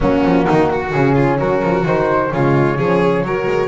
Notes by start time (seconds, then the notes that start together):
0.00 F#3 A#3 C#4 F#4
0.24 F3
0.46 D#3 D#4
0.72 F#4
0.91 C#3 C#4 G#4
1.15 F4
1.38 F#3 F#4 A#4
1.62 F3
1.84 D#3 D#4 C5
2.32 C#3 G#3 F4 C#5
2.77 F3 C#4 G#4
3.23 F#3 F#4 A#4
3.46 G#3